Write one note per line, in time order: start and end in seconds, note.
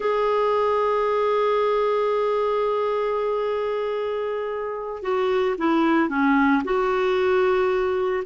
0.00 5.02 G#4
5.02 5.55 F#4
5.58 6.09 E4
6.09 6.62 C#4
6.64 8.23 F#4